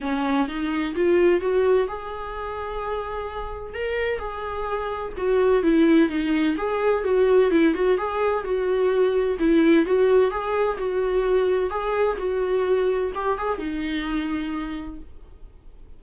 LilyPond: \new Staff \with { instrumentName = "viola" } { \time 4/4 \tempo 4 = 128 cis'4 dis'4 f'4 fis'4 | gis'1 | ais'4 gis'2 fis'4 | e'4 dis'4 gis'4 fis'4 |
e'8 fis'8 gis'4 fis'2 | e'4 fis'4 gis'4 fis'4~ | fis'4 gis'4 fis'2 | g'8 gis'8 dis'2. | }